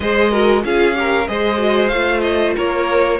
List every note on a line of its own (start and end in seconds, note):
0.00 0.64 G#3
0.00 0.31 G#4
0.00 0.30 C5
0.00 0.63 D#5
0.30 0.63 F#4
0.30 0.62 A#4
0.64 1.28 C#4
0.64 0.94 F4
0.64 0.97 G#4
0.64 1.27 F5
0.94 1.26 G4
0.94 1.29 A#4
1.27 1.92 G#3
1.27 1.57 G#4
1.27 2.55 C5
1.27 1.88 D#5
1.57 1.89 F#4
1.88 2.56 A3
1.88 3.20 F4
1.88 2.20 F5
2.20 2.52 D#5
2.55 3.20 A#3
2.55 3.19 A#4
2.55 3.20 C#5